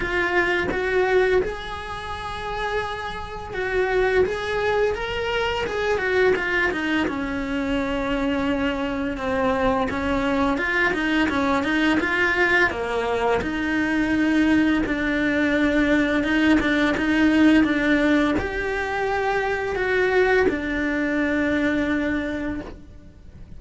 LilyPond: \new Staff \with { instrumentName = "cello" } { \time 4/4 \tempo 4 = 85 f'4 fis'4 gis'2~ | gis'4 fis'4 gis'4 ais'4 | gis'8 fis'8 f'8 dis'8 cis'2~ | cis'4 c'4 cis'4 f'8 dis'8 |
cis'8 dis'8 f'4 ais4 dis'4~ | dis'4 d'2 dis'8 d'8 | dis'4 d'4 g'2 | fis'4 d'2. | }